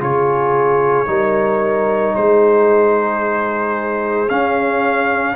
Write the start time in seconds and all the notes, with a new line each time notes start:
0.00 C#3 F4 G#4 C#5
1.06 G3 D#4 A#4
2.15 G#3 G#4 C5
4.29 C#4 F5